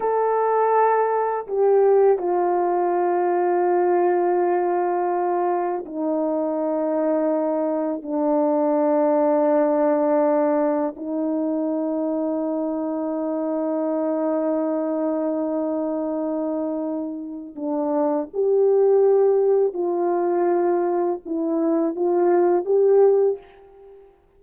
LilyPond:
\new Staff \with { instrumentName = "horn" } { \time 4/4 \tempo 4 = 82 a'2 g'4 f'4~ | f'1 | dis'2. d'4~ | d'2. dis'4~ |
dis'1~ | dis'1 | d'4 g'2 f'4~ | f'4 e'4 f'4 g'4 | }